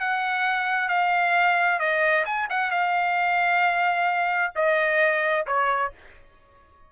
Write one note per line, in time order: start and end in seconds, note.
0.00 0.89 F#5
0.89 1.79 F5
1.79 2.25 D#5
2.25 2.48 G#5
2.50 2.71 F#5
2.71 4.53 F5
4.55 5.46 D#5
5.46 5.92 C#5